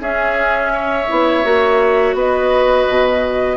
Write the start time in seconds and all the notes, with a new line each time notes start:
0.00 C#4 G#4 E5
0.73 C#5
1.09 B3 E4
1.44 A#3 F#4
2.14 B3 B4 D#5
2.89 B2